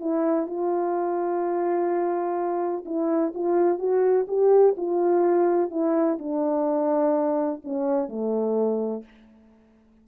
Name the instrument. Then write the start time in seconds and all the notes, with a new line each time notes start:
horn
0.00 E4
0.46 F4
2.85 E4
3.34 F4
3.78 F#4
4.27 G4
4.76 F4
5.70 E4
6.18 D4
7.64 C#4
8.08 A3